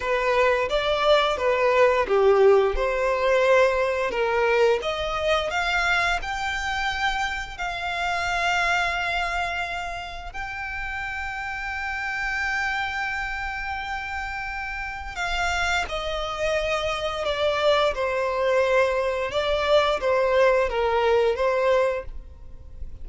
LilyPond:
\new Staff \with { instrumentName = "violin" } { \time 4/4 \tempo 4 = 87 b'4 d''4 b'4 g'4 | c''2 ais'4 dis''4 | f''4 g''2 f''4~ | f''2. g''4~ |
g''1~ | g''2 f''4 dis''4~ | dis''4 d''4 c''2 | d''4 c''4 ais'4 c''4 | }